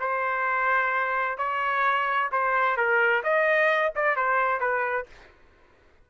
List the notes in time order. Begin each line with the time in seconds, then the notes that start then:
0.00 C5
1.38 C#5
2.32 C5
2.77 A#4
3.24 D#5
3.95 D5
4.16 C5
4.60 B4